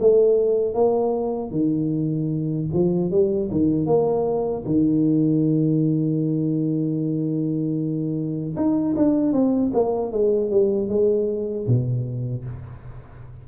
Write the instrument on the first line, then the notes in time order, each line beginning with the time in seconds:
tuba
0.00 A3
0.75 A#3
1.51 D#3
2.74 F3
3.11 G3
3.51 D#3
3.86 A#3
4.66 D#3
8.56 D#4
8.96 D4
9.33 C4
9.74 A#3
10.12 G#3
10.51 G3
10.89 G#3
11.67 B2